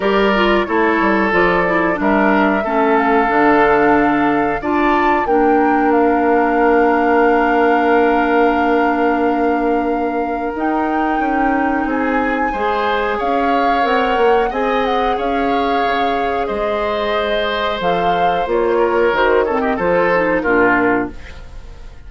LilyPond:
<<
  \new Staff \with { instrumentName = "flute" } { \time 4/4 \tempo 4 = 91 d''4 cis''4 d''4 e''4~ | e''8 f''2~ f''8 a''4 | g''4 f''2.~ | f''1 |
g''2 gis''2 | f''4 fis''4 gis''8 fis''8 f''4~ | f''4 dis''2 f''4 | cis''4 c''8 cis''16 dis''16 c''4 ais'4 | }
  \new Staff \with { instrumentName = "oboe" } { \time 4/4 ais'4 a'2 ais'4 | a'2. d''4 | ais'1~ | ais'1~ |
ais'2 gis'4 c''4 | cis''2 dis''4 cis''4~ | cis''4 c''2.~ | c''8 ais'4 a'16 g'16 a'4 f'4 | }
  \new Staff \with { instrumentName = "clarinet" } { \time 4/4 g'8 f'8 e'4 f'8 e'8 d'4 | cis'4 d'2 f'4 | d'1~ | d'1 |
dis'2. gis'4~ | gis'4 ais'4 gis'2~ | gis'2. a'4 | f'4 fis'8 c'8 f'8 dis'8 d'4 | }
  \new Staff \with { instrumentName = "bassoon" } { \time 4/4 g4 a8 g8 f4 g4 | a4 d2 d'4 | ais1~ | ais1 |
dis'4 cis'4 c'4 gis4 | cis'4 c'8 ais8 c'4 cis'4 | cis4 gis2 f4 | ais4 dis4 f4 ais,4 | }
>>